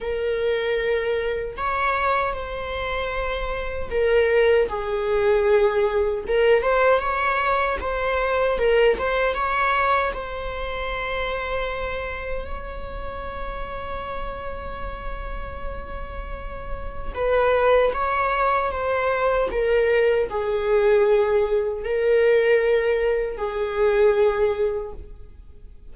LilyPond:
\new Staff \with { instrumentName = "viola" } { \time 4/4 \tempo 4 = 77 ais'2 cis''4 c''4~ | c''4 ais'4 gis'2 | ais'8 c''8 cis''4 c''4 ais'8 c''8 | cis''4 c''2. |
cis''1~ | cis''2 b'4 cis''4 | c''4 ais'4 gis'2 | ais'2 gis'2 | }